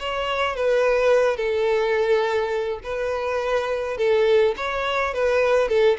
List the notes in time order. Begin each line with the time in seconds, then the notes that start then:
0.00 C#5
0.56 B4
1.37 A4
2.84 B4
3.98 A4
4.57 C#5
5.14 B4
5.69 A4